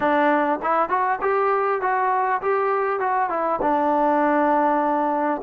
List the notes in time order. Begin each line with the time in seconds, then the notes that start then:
0.00 D4
0.62 E4
0.89 F#4
1.21 G4
1.81 F#4
2.41 G4
2.99 F#4
3.29 E4
3.61 D4